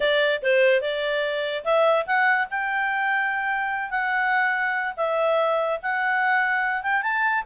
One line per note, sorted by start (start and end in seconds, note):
0.00 0.41 D5
0.42 0.81 C5
0.81 1.64 D5
1.64 2.05 E5
2.06 2.48 F#5
2.50 3.90 G5
3.90 4.94 F#5
4.96 5.79 E5
5.82 6.82 F#5
6.82 7.02 G5
7.02 7.43 A5